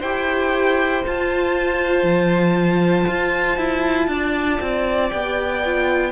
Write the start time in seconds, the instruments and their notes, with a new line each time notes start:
0.00 cello E4, viola G4, violin C5 G5
1.06 viola F4, cello F4, violin A5
2.04 cello F3
3.08 cello F4
3.58 cello E4
4.08 cello D4, violin D5
4.61 cello C4
5.10 cello B3, viola G4, violin G5
5.66 viola F4